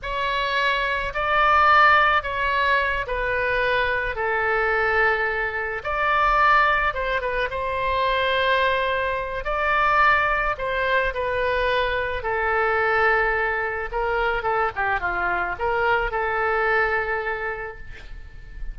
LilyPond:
\new Staff \with { instrumentName = "oboe" } { \time 4/4 \tempo 4 = 108 cis''2 d''2 | cis''4. b'2 a'8~ | a'2~ a'8 d''4.~ | d''8 c''8 b'8 c''2~ c''8~ |
c''4 d''2 c''4 | b'2 a'2~ | a'4 ais'4 a'8 g'8 f'4 | ais'4 a'2. | }